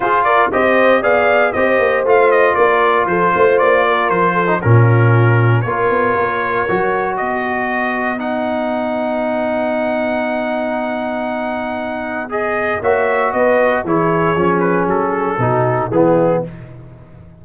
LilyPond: <<
  \new Staff \with { instrumentName = "trumpet" } { \time 4/4 \tempo 4 = 117 c''8 d''8 dis''4 f''4 dis''4 | f''8 dis''8 d''4 c''4 d''4 | c''4 ais'2 cis''4~ | cis''2 dis''2 |
fis''1~ | fis''1 | dis''4 e''4 dis''4 cis''4~ | cis''8 b'8 a'2 gis'4 | }
  \new Staff \with { instrumentName = "horn" } { \time 4/4 gis'8 ais'8 c''4 d''4 c''4~ | c''4 ais'4 a'8 c''4 ais'8~ | ais'8 a'8 f'2 ais'4~ | ais'2 b'2~ |
b'1~ | b'1~ | b'4 cis''4 b'4 gis'4~ | gis'2 fis'4 e'4 | }
  \new Staff \with { instrumentName = "trombone" } { \time 4/4 f'4 g'4 gis'4 g'4 | f'1~ | f'8. dis'16 cis'2 f'4~ | f'4 fis'2. |
dis'1~ | dis'1 | gis'4 fis'2 e'4 | cis'2 dis'4 b4 | }
  \new Staff \with { instrumentName = "tuba" } { \time 4/4 f'4 c'4 b4 c'8 ais8 | a4 ais4 f8 a8 ais4 | f4 ais,2 ais8 b8 | ais4 fis4 b2~ |
b1~ | b1~ | b4 ais4 b4 e4 | f4 fis4 b,4 e4 | }
>>